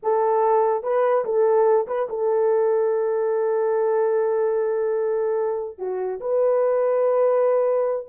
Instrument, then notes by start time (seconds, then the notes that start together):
horn
0.02 A4
0.83 B4
1.24 A4
1.87 B4
2.09 A4
5.78 F#4
6.20 B4